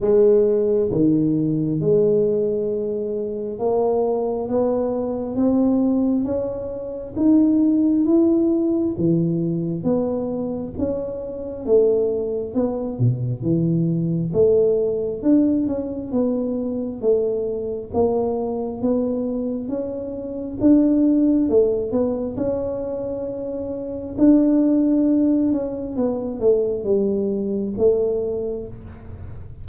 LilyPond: \new Staff \with { instrumentName = "tuba" } { \time 4/4 \tempo 4 = 67 gis4 dis4 gis2 | ais4 b4 c'4 cis'4 | dis'4 e'4 e4 b4 | cis'4 a4 b8 b,8 e4 |
a4 d'8 cis'8 b4 a4 | ais4 b4 cis'4 d'4 | a8 b8 cis'2 d'4~ | d'8 cis'8 b8 a8 g4 a4 | }